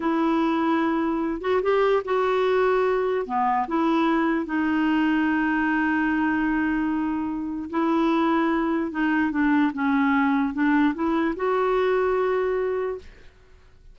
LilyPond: \new Staff \with { instrumentName = "clarinet" } { \time 4/4 \tempo 4 = 148 e'2.~ e'8 fis'8 | g'4 fis'2. | b4 e'2 dis'4~ | dis'1~ |
dis'2. e'4~ | e'2 dis'4 d'4 | cis'2 d'4 e'4 | fis'1 | }